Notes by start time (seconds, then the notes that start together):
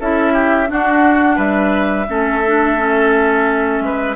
0.00 C#4 E4 A4 E5
0.33 G4
0.67 D4 F#4 F#5
1.36 G3 B4 E5
2.08 A3 C#4 A4
2.47 D4
2.77 C#4
3.80 G#3 B4